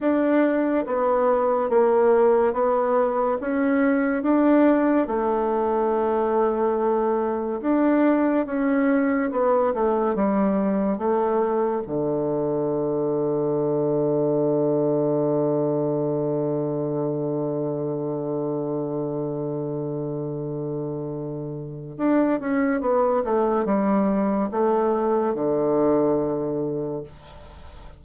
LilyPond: \new Staff \with { instrumentName = "bassoon" } { \time 4/4 \tempo 4 = 71 d'4 b4 ais4 b4 | cis'4 d'4 a2~ | a4 d'4 cis'4 b8 a8 | g4 a4 d2~ |
d1~ | d1~ | d2 d'8 cis'8 b8 a8 | g4 a4 d2 | }